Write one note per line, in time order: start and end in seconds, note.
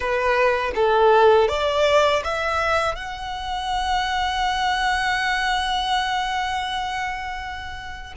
0.00 0.71 B4
0.75 1.48 A4
1.48 2.22 D5
2.24 2.95 E5
2.95 8.13 F#5